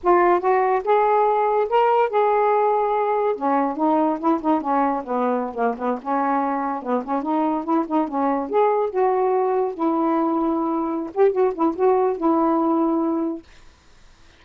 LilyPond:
\new Staff \with { instrumentName = "saxophone" } { \time 4/4 \tempo 4 = 143 f'4 fis'4 gis'2 | ais'4 gis'2. | cis'4 dis'4 e'8 dis'8 cis'4 | b4~ b16 ais8 b8 cis'4.~ cis'16~ |
cis'16 b8 cis'8 dis'4 e'8 dis'8 cis'8.~ | cis'16 gis'4 fis'2 e'8.~ | e'2~ e'8 g'8 fis'8 e'8 | fis'4 e'2. | }